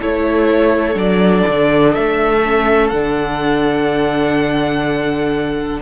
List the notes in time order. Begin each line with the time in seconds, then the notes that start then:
0.00 A3 E4 A4 C#5
0.95 F#3 D4 D5
1.49 D3
1.94 A3 E5
2.46 C#4
2.89 D3 D4 F#5